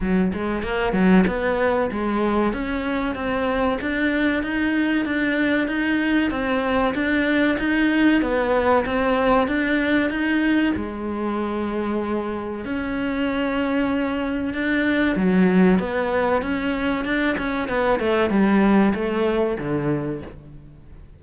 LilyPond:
\new Staff \with { instrumentName = "cello" } { \time 4/4 \tempo 4 = 95 fis8 gis8 ais8 fis8 b4 gis4 | cis'4 c'4 d'4 dis'4 | d'4 dis'4 c'4 d'4 | dis'4 b4 c'4 d'4 |
dis'4 gis2. | cis'2. d'4 | fis4 b4 cis'4 d'8 cis'8 | b8 a8 g4 a4 d4 | }